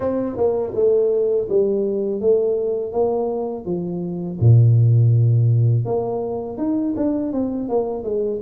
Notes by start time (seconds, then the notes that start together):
0.00 C4
0.36 A#3
0.75 A3
1.49 G3
2.20 A3
2.92 A#3
3.65 F3
4.39 A#2
5.85 A#3
6.57 D#4
6.96 D4
7.32 C4
7.68 A#3
8.03 G#3